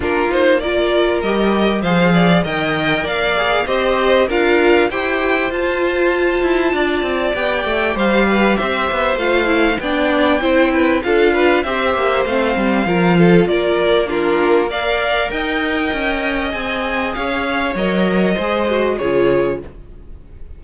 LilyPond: <<
  \new Staff \with { instrumentName = "violin" } { \time 4/4 \tempo 4 = 98 ais'8 c''8 d''4 dis''4 f''4 | g''4 f''4 dis''4 f''4 | g''4 a''2. | g''4 f''4 e''4 f''4 |
g''2 f''4 e''4 | f''2 d''4 ais'4 | f''4 g''2 gis''4 | f''4 dis''2 cis''4 | }
  \new Staff \with { instrumentName = "violin" } { \time 4/4 f'4 ais'2 c''8 d''8 | dis''4 d''4 c''4 ais'4 | c''2. d''4~ | d''4 c''8 b'8 c''2 |
d''4 c''8 b'8 a'8 b'8 c''4~ | c''4 ais'8 a'8 ais'4 f'4 | d''4 dis''2. | cis''2 c''4 gis'4 | }
  \new Staff \with { instrumentName = "viola" } { \time 4/4 d'8 dis'8 f'4 g'4 gis'4 | ais'4. gis'8 g'4 f'4 | g'4 f'2. | g'2. f'8 e'8 |
d'4 e'4 f'4 g'4 | c'4 f'2 d'4 | ais'2. gis'4~ | gis'4 ais'4 gis'8 fis'8 f'4 | }
  \new Staff \with { instrumentName = "cello" } { \time 4/4 ais2 g4 f4 | dis4 ais4 c'4 d'4 | e'4 f'4. e'8 d'8 c'8 | b8 a8 g4 c'8 b8 a4 |
b4 c'4 d'4 c'8 ais8 | a8 g8 f4 ais2~ | ais4 dis'4 cis'4 c'4 | cis'4 fis4 gis4 cis4 | }
>>